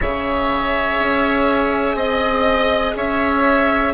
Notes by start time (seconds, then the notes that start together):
0.00 C#3 G#4 C#5 E5
0.99 C#4
1.95 C4 D#5
2.95 C#4 C#5 E5